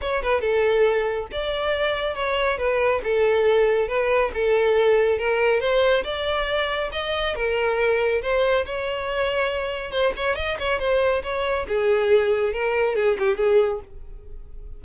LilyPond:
\new Staff \with { instrumentName = "violin" } { \time 4/4 \tempo 4 = 139 cis''8 b'8 a'2 d''4~ | d''4 cis''4 b'4 a'4~ | a'4 b'4 a'2 | ais'4 c''4 d''2 |
dis''4 ais'2 c''4 | cis''2. c''8 cis''8 | dis''8 cis''8 c''4 cis''4 gis'4~ | gis'4 ais'4 gis'8 g'8 gis'4 | }